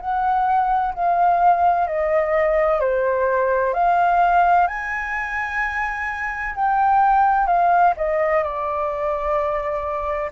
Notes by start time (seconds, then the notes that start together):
0.00 F#5
0.94 F5
1.87 D#5
2.80 C5
3.74 F5
4.67 G#5
6.55 G5
7.47 F5
7.96 D#5
8.43 D5